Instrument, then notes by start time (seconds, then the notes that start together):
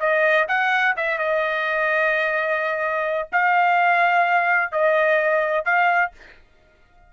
trumpet
0.00 D#5
0.48 F#5
0.97 E5
1.18 D#5
3.33 F5
4.72 D#5
5.65 F5